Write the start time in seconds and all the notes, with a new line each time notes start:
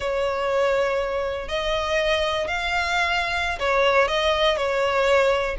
0.00 C#5
1.48 D#5
2.47 F5
3.59 C#5
4.08 D#5
4.56 C#5